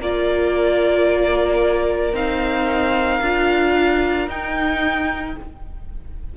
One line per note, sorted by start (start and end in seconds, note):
0.00 2.13 A#3
0.00 2.14 F4
0.00 5.36 A#4
0.00 2.15 D5
2.13 3.20 C4
2.13 3.21 D#4
2.13 4.29 F5
3.21 4.28 D4
3.21 4.29 F4
4.28 5.35 D#4
4.28 5.36 D#4
4.28 5.37 G5